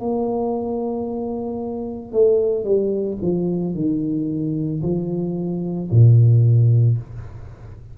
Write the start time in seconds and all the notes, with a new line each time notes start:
0.00 A#3
2.12 A3
2.64 G3
3.21 F3
3.75 D#3
4.83 F3
5.91 A#2